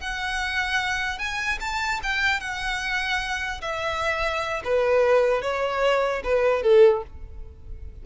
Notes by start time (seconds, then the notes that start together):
0.00 F#5
1.18 G#5
1.60 A5
2.03 G5
2.40 F#5
3.61 E5
4.64 B4
5.42 C#5
6.24 B4
6.63 A4